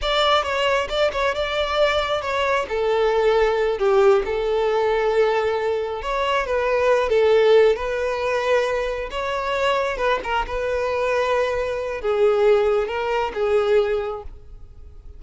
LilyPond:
\new Staff \with { instrumentName = "violin" } { \time 4/4 \tempo 4 = 135 d''4 cis''4 d''8 cis''8 d''4~ | d''4 cis''4 a'2~ | a'8 g'4 a'2~ a'8~ | a'4. cis''4 b'4. |
a'4. b'2~ b'8~ | b'8 cis''2 b'8 ais'8 b'8~ | b'2. gis'4~ | gis'4 ais'4 gis'2 | }